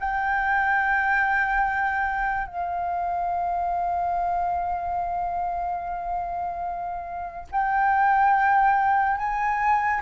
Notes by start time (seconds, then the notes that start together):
0.00 G5
2.47 F5
7.52 G5
9.17 G#5